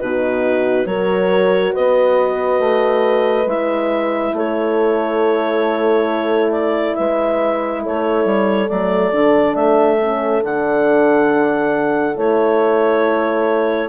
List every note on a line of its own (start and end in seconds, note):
0.00 0.86 B2
0.00 0.87 D#4
0.00 0.87 F#4
0.00 0.86 B4
0.86 1.73 F#3
0.86 3.47 F#4
0.86 1.74 A#4
0.86 1.73 C#5
1.74 2.59 B3
1.74 4.35 B4
1.74 3.49 D#5
2.59 3.46 A3
3.46 4.32 G#3
3.46 8.69 E4
3.46 4.36 E5
4.32 6.93 A3
4.32 6.97 A4
4.32 6.52 C#5
6.52 6.95 D5
6.95 7.86 G#3
6.95 7.83 B4
6.95 7.82 E5
7.83 8.25 A3
7.83 13.89 A4
7.83 8.69 C#5
8.25 8.68 G3
8.69 9.13 F#3
8.69 9.12 A3
8.69 9.55 D5
9.12 9.55 D3
9.12 9.99 D4
9.55 10.42 A3
9.55 10.42 E5
10.01 10.43 C#4
10.43 12.17 D3
10.43 12.15 D4
10.43 12.17 F#5
12.15 13.89 A3
12.15 13.89 E4
12.15 13.89 C#5